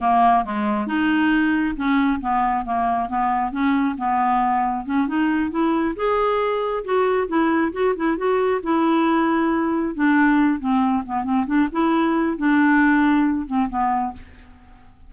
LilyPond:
\new Staff \with { instrumentName = "clarinet" } { \time 4/4 \tempo 4 = 136 ais4 gis4 dis'2 | cis'4 b4 ais4 b4 | cis'4 b2 cis'8 dis'8~ | dis'8 e'4 gis'2 fis'8~ |
fis'8 e'4 fis'8 e'8 fis'4 e'8~ | e'2~ e'8 d'4. | c'4 b8 c'8 d'8 e'4. | d'2~ d'8 c'8 b4 | }